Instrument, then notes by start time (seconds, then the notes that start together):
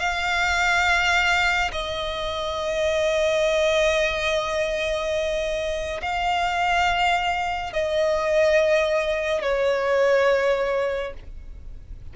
violin
0.00 F5
1.73 D#5
6.02 F5
7.74 D#5
9.42 C#5